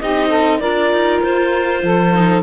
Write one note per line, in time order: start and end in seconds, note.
0.00 0.63 C4
0.00 0.61 D#4
0.00 0.29 G4
0.00 0.59 D#5
0.29 0.59 A4
0.59 0.93 D4
0.59 2.13 F4
0.59 1.82 A#4
0.59 1.20 D5
0.93 1.23 D#4
1.22 1.83 F4
1.22 2.43 C5
1.83 2.43 F3
1.83 2.43 A4
2.14 2.43 D#4